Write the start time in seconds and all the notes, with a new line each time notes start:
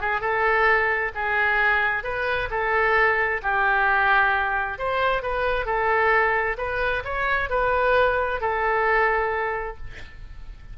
0.00 G#4
0.20 A4
1.14 G#4
2.03 B4
2.50 A4
3.42 G4
4.78 C5
5.22 B4
5.65 A4
6.57 B4
7.04 C#5
7.49 B4
8.40 A4